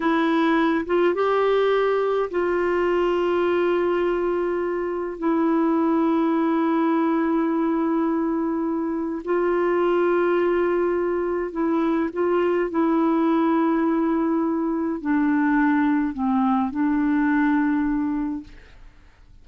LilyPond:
\new Staff \with { instrumentName = "clarinet" } { \time 4/4 \tempo 4 = 104 e'4. f'8 g'2 | f'1~ | f'4 e'2.~ | e'1 |
f'1 | e'4 f'4 e'2~ | e'2 d'2 | c'4 d'2. | }